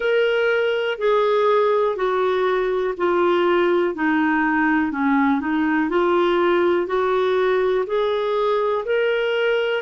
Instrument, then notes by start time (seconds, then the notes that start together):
clarinet
0.00 A#4
0.98 G#4
1.95 F#4
2.97 F4
3.94 D#4
4.91 C#4
5.40 D#4
5.89 F4
6.86 F#4
7.86 G#4
8.85 A#4